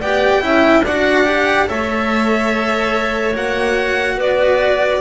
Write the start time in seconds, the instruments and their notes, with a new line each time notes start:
0.00 double bass B3, cello G4, clarinet D5, violin G5
0.41 double bass C#4, cello E4, clarinet E5
0.85 double bass D4, cello F#4, clarinet D5, violin F#5
1.25 cello G4
1.67 double bass A3, cello A4, clarinet C#5, violin E5
3.34 double bass A#3, cello F#4, violin F#5
4.17 double bass B3, clarinet B4, violin D5